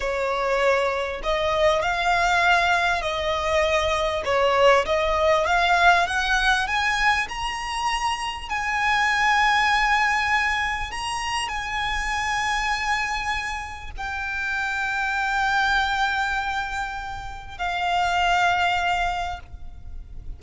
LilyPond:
\new Staff \with { instrumentName = "violin" } { \time 4/4 \tempo 4 = 99 cis''2 dis''4 f''4~ | f''4 dis''2 cis''4 | dis''4 f''4 fis''4 gis''4 | ais''2 gis''2~ |
gis''2 ais''4 gis''4~ | gis''2. g''4~ | g''1~ | g''4 f''2. | }